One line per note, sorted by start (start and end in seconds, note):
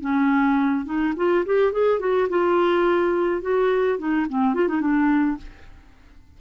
0.00 0.85 C#4
0.85 1.13 D#4
1.16 1.45 F4
1.45 1.72 G4
1.72 2.00 G#4
2.00 2.28 F#4
2.29 3.41 F4
3.41 3.98 F#4
3.98 4.26 D#4
4.29 4.54 C4
4.54 4.68 F4
4.68 4.80 D#4
4.80 5.37 D4